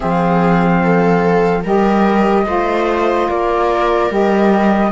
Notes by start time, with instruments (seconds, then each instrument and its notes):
0.00 cello F3, saxophone C4, viola G#4, flute F5
0.83 viola A4
1.63 cello G3, saxophone G4, viola A#4, flute D#5
2.46 cello A3, saxophone F4, viola C5
3.28 cello A#3, viola A#4, flute D5
4.09 cello G3, saxophone G4, flute D#5